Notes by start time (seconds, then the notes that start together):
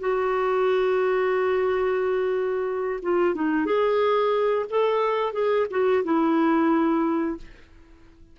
0.00 F#4
3.02 F4
3.34 D#4
3.65 G#4
4.70 A4
5.33 G#4
5.70 F#4
6.04 E4